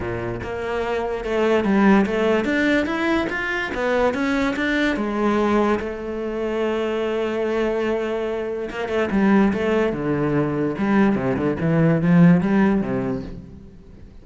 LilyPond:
\new Staff \with { instrumentName = "cello" } { \time 4/4 \tempo 4 = 145 ais,4 ais2 a4 | g4 a4 d'4 e'4 | f'4 b4 cis'4 d'4 | gis2 a2~ |
a1~ | a4 ais8 a8 g4 a4 | d2 g4 c8 d8 | e4 f4 g4 c4 | }